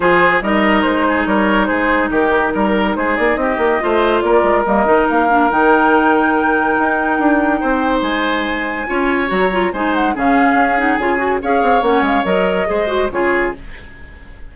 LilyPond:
<<
  \new Staff \with { instrumentName = "flute" } { \time 4/4 \tempo 4 = 142 c''4 dis''4 c''4 cis''4 | c''4 ais'2 c''8 d''8 | dis''2 d''4 dis''4 | f''4 g''2.~ |
g''2. gis''4~ | gis''2 ais''4 gis''8 fis''8 | f''4. fis''8 gis''4 f''4 | fis''8 f''8 dis''2 cis''4 | }
  \new Staff \with { instrumentName = "oboe" } { \time 4/4 gis'4 ais'4. gis'8 ais'4 | gis'4 g'4 ais'4 gis'4 | g'4 c''4 ais'2~ | ais'1~ |
ais'2 c''2~ | c''4 cis''2 c''4 | gis'2. cis''4~ | cis''2 c''4 gis'4 | }
  \new Staff \with { instrumentName = "clarinet" } { \time 4/4 f'4 dis'2.~ | dis'1~ | dis'4 f'2 ais8 dis'8~ | dis'8 d'8 dis'2.~ |
dis'1~ | dis'4 f'4 fis'8 f'8 dis'4 | cis'4. dis'8 f'8 fis'8 gis'4 | cis'4 ais'4 gis'8 fis'8 f'4 | }
  \new Staff \with { instrumentName = "bassoon" } { \time 4/4 f4 g4 gis4 g4 | gis4 dis4 g4 gis8 ais8 | c'8 ais8 a4 ais8 gis8 g8 dis8 | ais4 dis2. |
dis'4 d'4 c'4 gis4~ | gis4 cis'4 fis4 gis4 | cis4 cis'4 cis4 cis'8 c'8 | ais8 gis8 fis4 gis4 cis4 | }
>>